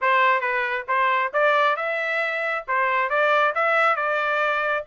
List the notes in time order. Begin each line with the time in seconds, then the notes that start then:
0.01 C5
0.41 B4
0.88 C5
1.33 D5
1.76 E5
2.67 C5
3.09 D5
3.55 E5
3.96 D5